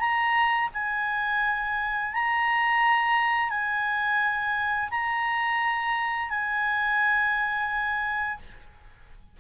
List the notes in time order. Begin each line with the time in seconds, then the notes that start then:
0.00 A#5
0.74 G#5
2.13 A#5
3.50 G#5
4.91 A#5
6.30 G#5